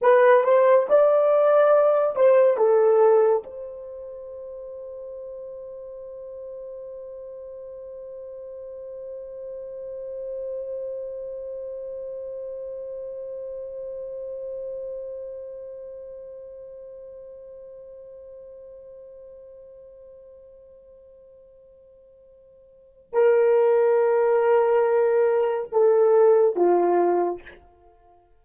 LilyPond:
\new Staff \with { instrumentName = "horn" } { \time 4/4 \tempo 4 = 70 b'8 c''8 d''4. c''8 a'4 | c''1~ | c''1~ | c''1~ |
c''1~ | c''1~ | c''2. ais'4~ | ais'2 a'4 f'4 | }